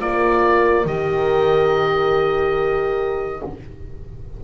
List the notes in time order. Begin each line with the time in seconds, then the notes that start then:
0.00 A#3 F4 A#4 D5
0.85 D#3 G4 D#5